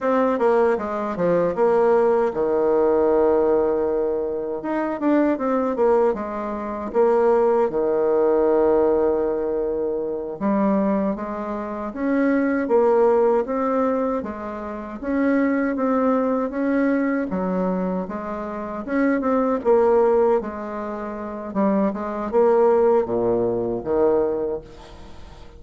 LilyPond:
\new Staff \with { instrumentName = "bassoon" } { \time 4/4 \tempo 4 = 78 c'8 ais8 gis8 f8 ais4 dis4~ | dis2 dis'8 d'8 c'8 ais8 | gis4 ais4 dis2~ | dis4. g4 gis4 cis'8~ |
cis'8 ais4 c'4 gis4 cis'8~ | cis'8 c'4 cis'4 fis4 gis8~ | gis8 cis'8 c'8 ais4 gis4. | g8 gis8 ais4 ais,4 dis4 | }